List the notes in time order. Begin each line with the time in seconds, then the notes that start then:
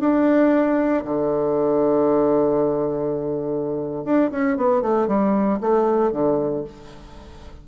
0.00 D4
1.05 D3
4.05 D4
4.31 C#4
4.57 B3
4.82 A3
5.08 G3
5.61 A3
6.12 D3